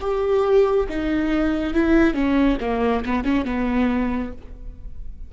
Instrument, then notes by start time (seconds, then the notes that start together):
viola
0.00 G4
0.89 D#4
1.73 E4
2.14 C#4
2.60 A#3
3.05 B3
3.24 C#4
3.45 B3